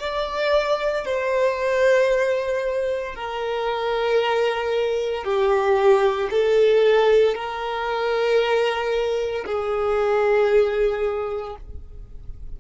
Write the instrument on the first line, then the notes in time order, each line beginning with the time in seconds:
violin
0.00 D5
1.05 C5
3.15 A#4
5.24 G4
6.31 A4
7.34 A#4
9.46 G#4